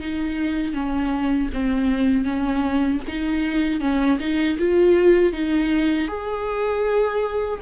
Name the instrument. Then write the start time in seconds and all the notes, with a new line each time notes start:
viola
0.00 D#4
0.74 C#4
1.54 C4
2.25 C#4
3.08 D#4
3.81 C#4
4.20 D#4
4.59 F4
5.33 D#4
6.08 G#4